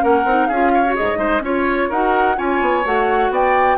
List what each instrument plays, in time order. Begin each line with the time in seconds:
0.00 bassoon A#3, clarinet C#4, oboe A#4, flute F#5
0.25 bassoon C4, clarinet D#4
0.47 bassoon C#4, oboe G#4, flute F5
0.53 clarinet F4
0.75 oboe C#5
0.86 clarinet F#4
0.96 bassoon G#2, clarinet G#4, flute D#5
1.16 bassoon G#3, clarinet D#4, oboe C5
1.40 bassoon C#4, clarinet F4, oboe C#5, flute C#5
1.90 bassoon D#4, clarinet F#4, oboe A#4, flute F#5
2.36 bassoon C#4, clarinet F4, oboe C#5, flute G#5
2.61 bassoon B3
2.85 bassoon A3, clarinet F#4, flute F#5
3.30 bassoon B3, oboe D5, flute G5